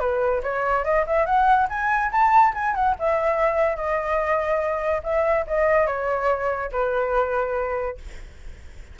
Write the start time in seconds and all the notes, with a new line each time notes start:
0.00 B4
0.43 C#5
0.85 D#5
1.07 E5
1.26 F#5
1.70 G#5
2.12 A5
2.54 G#5
2.75 F#5
2.99 E5
3.76 D#5
5.04 E5
5.47 D#5
5.87 C#5
6.72 B4